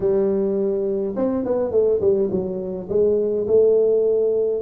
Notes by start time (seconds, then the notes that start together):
0.00 G3
1.16 C4
1.44 B3
1.71 A3
2.00 G3
2.30 F#3
2.89 G#3
3.47 A3